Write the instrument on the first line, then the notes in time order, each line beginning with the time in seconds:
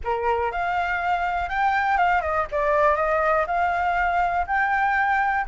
flute
0.04 A#4
0.51 F5
1.49 G5
1.97 F5
2.21 D#5
2.51 D5
2.96 D#5
3.46 F5
4.46 G5